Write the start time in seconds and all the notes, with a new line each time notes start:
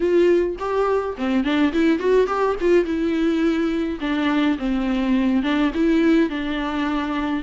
0.00 F4
0.58 G4
1.17 C4
1.43 D4
1.72 E4
1.99 F#4
2.26 G4
2.60 F4
2.84 E4
4.00 D4
4.58 C4
5.42 D4
5.74 E4
6.29 D4